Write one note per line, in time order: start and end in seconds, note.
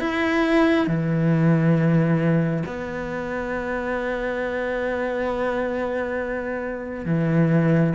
0.00 0.87 E4
0.87 2.64 E3
2.66 7.05 B3
7.05 7.93 E3